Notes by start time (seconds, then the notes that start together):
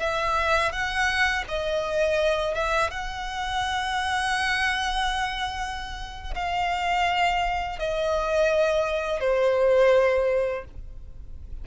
0.00 E5
0.72 F#5
1.49 D#5
2.55 E5
2.91 F#5
6.35 F5
7.79 D#5
9.20 C5